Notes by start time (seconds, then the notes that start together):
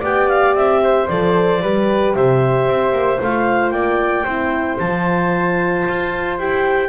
0.00 B3 G4 D5 G5
0.28 F5
0.54 C4 E5
0.83 C5
1.08 F3 A4 D5
1.61 G3 G4 B4
2.15 C3 C5 E5
2.68 C4
2.91 A#3
3.21 A3 F4 F5
3.70 A#3 D5 G5
4.24 C4 E4 C5
4.78 F3 F4 A5
5.88 F4
6.38 E4 G4 G5